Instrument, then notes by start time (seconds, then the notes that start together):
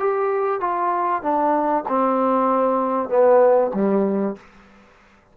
trombone
0.00 G4
0.61 F4
1.23 D4
1.89 C4
3.10 B3
3.74 G3